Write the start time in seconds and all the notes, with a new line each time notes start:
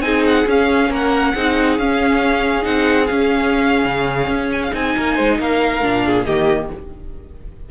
0.00 C4 D#4 G#4 G#5
0.26 F#5
0.46 C#4 F5
0.89 A#3 A#4 F#5
1.34 C4 D#4 G#4
1.78 C#4 F5
2.62 C4 D#4 F#5
3.06 C#4 F5
3.85 C#3
4.28 C#4
4.52 G#5
4.63 F5
4.71 C4 D#4 G#5
4.95 A#3 A#4
5.15 G#3 C5
5.39 A#3 A#4 F5
5.82 A#2 D4
6.05 G#4
6.25 D#3 A#3 G4 D#5